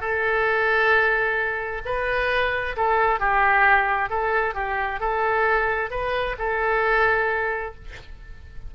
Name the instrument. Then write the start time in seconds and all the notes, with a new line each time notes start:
oboe
0.00 A4
1.85 B4
2.76 A4
3.19 G4
4.10 A4
4.54 G4
5.00 A4
5.90 B4
6.38 A4